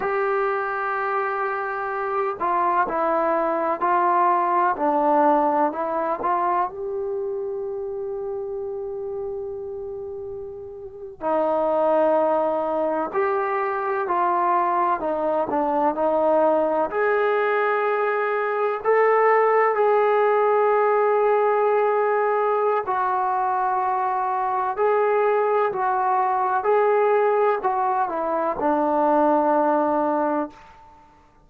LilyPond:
\new Staff \with { instrumentName = "trombone" } { \time 4/4 \tempo 4 = 63 g'2~ g'8 f'8 e'4 | f'4 d'4 e'8 f'8 g'4~ | g'2.~ g'8. dis'16~ | dis'4.~ dis'16 g'4 f'4 dis'16~ |
dis'16 d'8 dis'4 gis'2 a'16~ | a'8. gis'2.~ gis'16 | fis'2 gis'4 fis'4 | gis'4 fis'8 e'8 d'2 | }